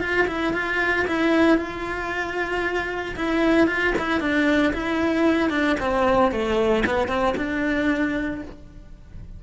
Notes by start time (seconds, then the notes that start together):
0.00 F4
0.27 E4
0.53 F4
1.07 E4
1.57 F4
3.16 E4
3.67 F4
3.98 E4
4.20 D4
4.73 E4
5.50 D4
5.80 C4
6.31 A3
6.86 B3
7.08 C4
7.37 D4